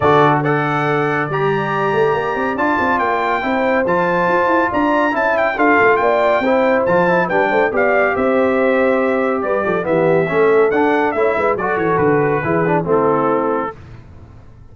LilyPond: <<
  \new Staff \with { instrumentName = "trumpet" } { \time 4/4 \tempo 4 = 140 d''4 fis''2 ais''4~ | ais''2 a''4 g''4~ | g''4 a''2 ais''4 | a''8 g''8 f''4 g''2 |
a''4 g''4 f''4 e''4~ | e''2 d''4 e''4~ | e''4 fis''4 e''4 d''8 cis''8 | b'2 a'2 | }
  \new Staff \with { instrumentName = "horn" } { \time 4/4 a'4 d''2.~ | d''1 | c''2. d''4 | e''4 a'4 d''4 c''4~ |
c''4 b'8 c''8 d''4 c''4~ | c''2 b'8 a'8 g'4 | a'2 cis''8 b'8 a'4~ | a'4 gis'4 e'2 | }
  \new Staff \with { instrumentName = "trombone" } { \time 4/4 fis'4 a'2 g'4~ | g'2 f'2 | e'4 f'2. | e'4 f'2 e'4 |
f'8 e'8 d'4 g'2~ | g'2. b4 | cis'4 d'4 e'4 fis'4~ | fis'4 e'8 d'8 c'2 | }
  \new Staff \with { instrumentName = "tuba" } { \time 4/4 d2. g4~ | g8 a8 ais8 c'8 d'8 c'8 ais4 | c'4 f4 f'8 e'8 d'4 | cis'4 d'8 a8 ais4 c'4 |
f4 g8 a8 b4 c'4~ | c'2 g8 f8 e4 | a4 d'4 a8 gis8 fis8 e8 | d4 e4 a2 | }
>>